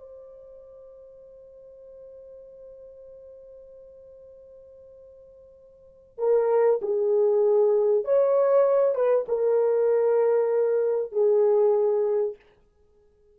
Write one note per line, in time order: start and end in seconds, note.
0.00 6.19 C5
6.19 6.80 A#4
6.82 8.05 G#4
8.05 8.95 C#5
8.95 9.26 B4
9.29 11.12 A#4
11.12 12.36 G#4